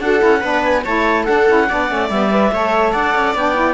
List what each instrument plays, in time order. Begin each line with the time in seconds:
0.00 cello D4, saxophone F#4, viola A4, clarinet F#5
0.19 cello C#4, saxophone E4
0.41 cello B3, saxophone D4, viola B4
0.63 clarinet G#5
0.85 cello A3, saxophone E4, viola C#5, clarinet A5
1.24 saxophone D4, cello D4, viola A4, clarinet F#5
1.48 cello C#4, saxophone E4
1.69 cello B3, saxophone D4, viola D5
1.88 cello A3, saxophone C#4
2.09 cello G3, saxophone B3, clarinet E5
2.31 saxophone B4
2.52 cello A3, saxophone A4, viola C#5
2.92 cello D4, viola D5, clarinet F#5
3.15 cello C#4
3.35 cello B3, saxophone D4, clarinet G5
3.55 saxophone E4